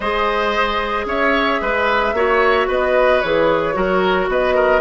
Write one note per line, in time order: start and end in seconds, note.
0.00 1.05 G#3
0.00 2.16 G#4
0.00 1.05 C5
0.00 1.06 D#5
1.05 1.58 C#4
1.05 1.61 C#5
1.05 2.69 E5
1.61 2.12 G#3
1.61 2.15 B4
2.12 2.66 A#3
2.12 3.23 F#4
2.12 2.67 C#5
2.67 3.22 B3
2.67 3.74 B4
2.67 3.20 D#5
3.20 3.75 E3
3.20 3.73 G#4
3.20 4.27 C#5
3.73 4.27 F#3
3.73 4.80 F#4
3.73 4.30 A#4
4.27 4.81 B3
4.27 4.54 B4
4.27 4.81 D#5
4.54 4.81 A#4